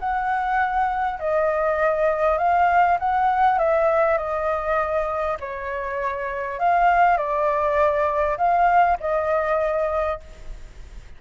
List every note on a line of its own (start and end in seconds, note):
0.00 1.20 F#5
1.20 2.38 D#5
2.38 2.98 F5
2.99 3.59 F#5
3.59 4.18 E5
4.18 5.38 D#5
5.40 6.59 C#5
6.59 7.18 F5
7.18 8.38 D5
8.38 8.98 F5
9.00 10.20 D#5